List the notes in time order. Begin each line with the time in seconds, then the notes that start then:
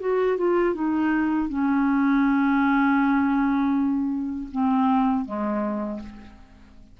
0.00 F#4
0.38 F4
0.74 D#4
1.49 C#4
4.51 C4
5.25 G#3